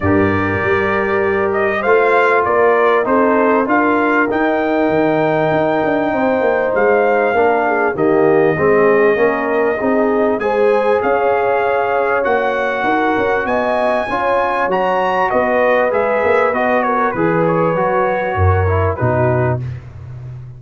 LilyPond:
<<
  \new Staff \with { instrumentName = "trumpet" } { \time 4/4 \tempo 4 = 98 d''2~ d''8 dis''8 f''4 | d''4 c''4 f''4 g''4~ | g''2. f''4~ | f''4 dis''2.~ |
dis''4 gis''4 f''2 | fis''2 gis''2 | ais''4 dis''4 e''4 dis''8 cis''8 | b'8 cis''2~ cis''8 b'4 | }
  \new Staff \with { instrumentName = "horn" } { \time 4/4 ais'2. c''4 | ais'4 a'4 ais'2~ | ais'2 c''2 | ais'8 gis'8 g'4 gis'4 ais'4 |
gis'4 c''4 cis''2~ | cis''4 ais'4 dis''4 cis''4~ | cis''4 b'2~ b'8 ais'8 | b'2 ais'4 fis'4 | }
  \new Staff \with { instrumentName = "trombone" } { \time 4/4 g'2. f'4~ | f'4 dis'4 f'4 dis'4~ | dis'1 | d'4 ais4 c'4 cis'4 |
dis'4 gis'2. | fis'2. f'4 | fis'2 gis'4 fis'4 | gis'4 fis'4. e'8 dis'4 | }
  \new Staff \with { instrumentName = "tuba" } { \time 4/4 g,4 g2 a4 | ais4 c'4 d'4 dis'4 | dis4 dis'8 d'8 c'8 ais8 gis4 | ais4 dis4 gis4 ais4 |
c'4 gis4 cis'2 | ais4 dis'8 cis'8 b4 cis'4 | fis4 b4 gis8 ais8 b4 | e4 fis4 fis,4 b,4 | }
>>